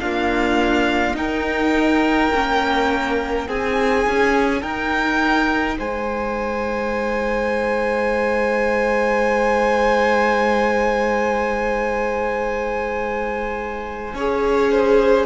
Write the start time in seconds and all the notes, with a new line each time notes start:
0.00 A#3 D4 F4 F5
1.14 D#4 A#4 G5
2.33 A#3 C#4
3.47 C4 D#4 G#4 G#5
4.07 C#4
4.62 D#4 A#4 G5
5.79 G#3 C5 G#5
14.14 C#4 G#4 C#5
14.72 C5